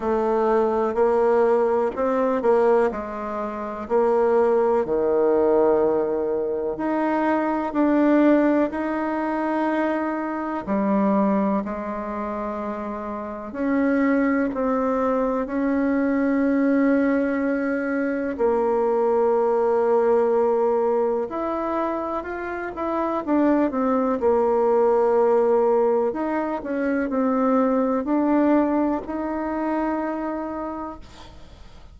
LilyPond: \new Staff \with { instrumentName = "bassoon" } { \time 4/4 \tempo 4 = 62 a4 ais4 c'8 ais8 gis4 | ais4 dis2 dis'4 | d'4 dis'2 g4 | gis2 cis'4 c'4 |
cis'2. ais4~ | ais2 e'4 f'8 e'8 | d'8 c'8 ais2 dis'8 cis'8 | c'4 d'4 dis'2 | }